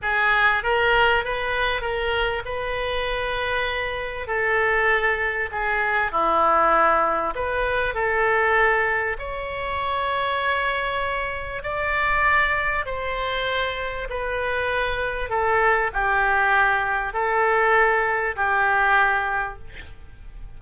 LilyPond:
\new Staff \with { instrumentName = "oboe" } { \time 4/4 \tempo 4 = 98 gis'4 ais'4 b'4 ais'4 | b'2. a'4~ | a'4 gis'4 e'2 | b'4 a'2 cis''4~ |
cis''2. d''4~ | d''4 c''2 b'4~ | b'4 a'4 g'2 | a'2 g'2 | }